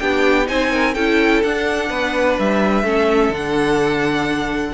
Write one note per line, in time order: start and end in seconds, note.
0.00 0.50 B3
0.00 0.46 D4
0.00 0.48 G4
0.00 0.48 G5
0.46 0.96 C4
0.46 0.94 D#4
0.46 0.72 C5
0.46 0.95 G#5
0.72 0.95 A#4
0.95 1.43 C#4
0.95 1.45 E4
0.95 1.90 A4
0.95 1.42 G5
1.44 1.90 D4
1.44 2.85 D4
1.44 2.39 F#5
1.90 2.38 B3
1.90 2.85 B4
2.39 2.84 G3
2.39 3.35 E5
2.84 3.30 A3
2.84 3.32 C#4
2.84 4.75 A4
3.30 4.73 D3
3.30 4.75 D4
3.30 4.75 F#5